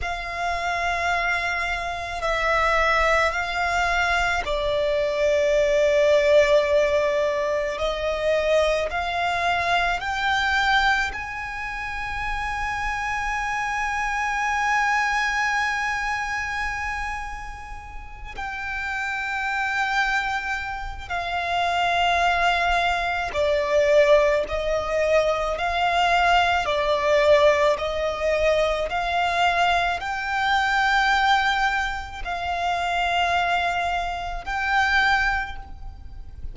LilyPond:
\new Staff \with { instrumentName = "violin" } { \time 4/4 \tempo 4 = 54 f''2 e''4 f''4 | d''2. dis''4 | f''4 g''4 gis''2~ | gis''1~ |
gis''8 g''2~ g''8 f''4~ | f''4 d''4 dis''4 f''4 | d''4 dis''4 f''4 g''4~ | g''4 f''2 g''4 | }